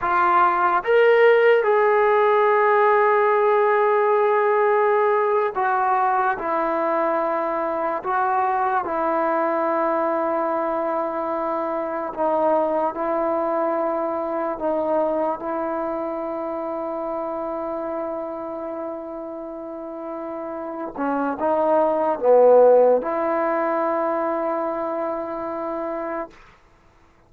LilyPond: \new Staff \with { instrumentName = "trombone" } { \time 4/4 \tempo 4 = 73 f'4 ais'4 gis'2~ | gis'2~ gis'8. fis'4 e'16~ | e'4.~ e'16 fis'4 e'4~ e'16~ | e'2~ e'8. dis'4 e'16~ |
e'4.~ e'16 dis'4 e'4~ e'16~ | e'1~ | e'4. cis'8 dis'4 b4 | e'1 | }